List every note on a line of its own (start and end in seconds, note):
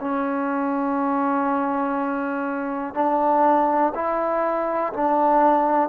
0.00 2.94 C#4
2.94 3.93 D4
3.94 4.93 E4
4.93 5.89 D4